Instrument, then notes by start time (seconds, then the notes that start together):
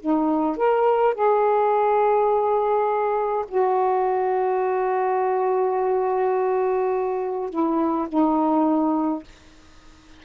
saxophone
0.00 D#4
0.57 A#4
1.14 G#4
3.48 F#4
7.49 E4
8.08 D#4